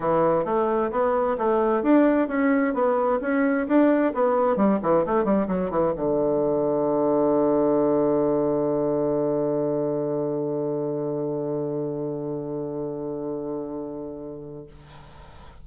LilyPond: \new Staff \with { instrumentName = "bassoon" } { \time 4/4 \tempo 4 = 131 e4 a4 b4 a4 | d'4 cis'4 b4 cis'4 | d'4 b4 g8 e8 a8 g8 | fis8 e8 d2.~ |
d1~ | d1~ | d1~ | d1 | }